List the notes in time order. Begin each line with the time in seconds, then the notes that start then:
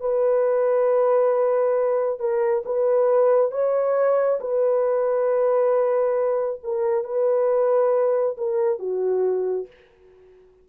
0.00 B4
2.19 A#4
2.65 B4
3.51 C#5
4.40 B4
6.63 A#4
7.04 B4
8.37 A#4
8.78 F#4